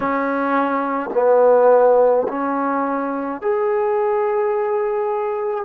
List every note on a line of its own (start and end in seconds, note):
0.00 1.10 C#4
1.13 2.26 B3
2.28 3.41 C#4
3.41 5.64 G#4